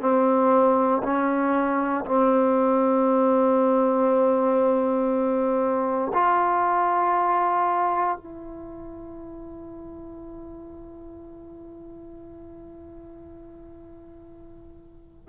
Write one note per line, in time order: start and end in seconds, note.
0.00 1.02 C4
1.03 2.05 C#4
2.05 6.12 C4
6.13 8.17 F4
8.17 15.28 E4